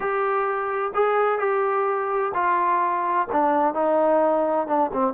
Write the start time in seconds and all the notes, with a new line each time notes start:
0.00 G4
0.94 G#4
1.38 G4
2.34 F4
3.32 D4
3.74 D#4
4.67 D4
4.93 C4